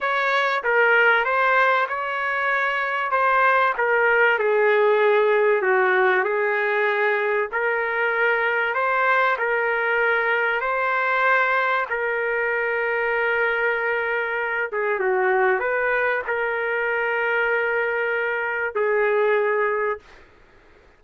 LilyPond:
\new Staff \with { instrumentName = "trumpet" } { \time 4/4 \tempo 4 = 96 cis''4 ais'4 c''4 cis''4~ | cis''4 c''4 ais'4 gis'4~ | gis'4 fis'4 gis'2 | ais'2 c''4 ais'4~ |
ais'4 c''2 ais'4~ | ais'2.~ ais'8 gis'8 | fis'4 b'4 ais'2~ | ais'2 gis'2 | }